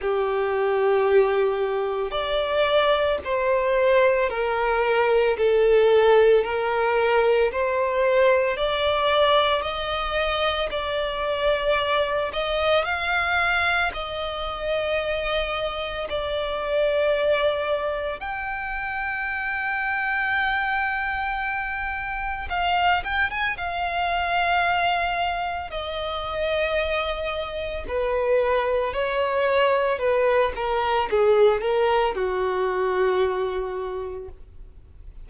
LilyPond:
\new Staff \with { instrumentName = "violin" } { \time 4/4 \tempo 4 = 56 g'2 d''4 c''4 | ais'4 a'4 ais'4 c''4 | d''4 dis''4 d''4. dis''8 | f''4 dis''2 d''4~ |
d''4 g''2.~ | g''4 f''8 g''16 gis''16 f''2 | dis''2 b'4 cis''4 | b'8 ais'8 gis'8 ais'8 fis'2 | }